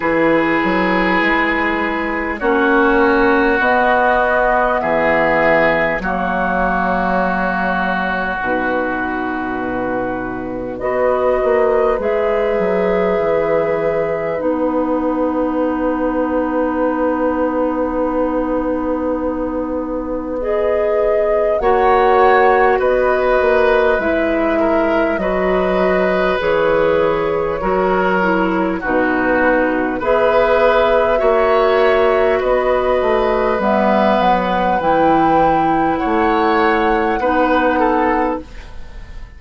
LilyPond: <<
  \new Staff \with { instrumentName = "flute" } { \time 4/4 \tempo 4 = 50 b'2 cis''4 dis''4 | e''4 cis''2 b'4~ | b'4 dis''4 e''2 | fis''1~ |
fis''4 dis''4 fis''4 dis''4 | e''4 dis''4 cis''2 | b'4 e''2 dis''4 | e''8 fis''8 g''4 fis''2 | }
  \new Staff \with { instrumentName = "oboe" } { \time 4/4 gis'2 fis'2 | gis'4 fis'2.~ | fis'4 b'2.~ | b'1~ |
b'2 cis''4 b'4~ | b'8 ais'8 b'2 ais'4 | fis'4 b'4 cis''4 b'4~ | b'2 cis''4 b'8 a'8 | }
  \new Staff \with { instrumentName = "clarinet" } { \time 4/4 e'2 cis'4 b4~ | b4 ais2 dis'4~ | dis'4 fis'4 gis'2 | dis'1~ |
dis'4 gis'4 fis'2 | e'4 fis'4 gis'4 fis'8 e'8 | dis'4 gis'4 fis'2 | b4 e'2 dis'4 | }
  \new Staff \with { instrumentName = "bassoon" } { \time 4/4 e8 fis8 gis4 ais4 b4 | e4 fis2 b,4~ | b,4 b8 ais8 gis8 fis8 e4 | b1~ |
b2 ais4 b8 ais8 | gis4 fis4 e4 fis4 | b,4 b4 ais4 b8 a8 | g8 fis8 e4 a4 b4 | }
>>